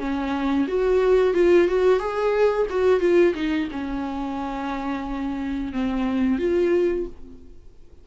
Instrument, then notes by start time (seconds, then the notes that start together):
viola
0.00 C#4
0.68 F#4
1.35 F4
1.68 F#4
2.00 G#4
2.70 F#4
3.01 F4
3.35 D#4
3.72 C#4
5.73 C4
6.39 F4